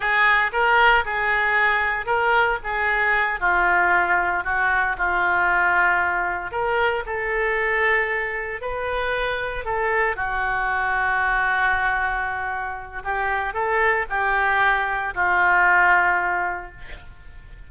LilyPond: \new Staff \with { instrumentName = "oboe" } { \time 4/4 \tempo 4 = 115 gis'4 ais'4 gis'2 | ais'4 gis'4. f'4.~ | f'8 fis'4 f'2~ f'8~ | f'8 ais'4 a'2~ a'8~ |
a'8 b'2 a'4 fis'8~ | fis'1~ | fis'4 g'4 a'4 g'4~ | g'4 f'2. | }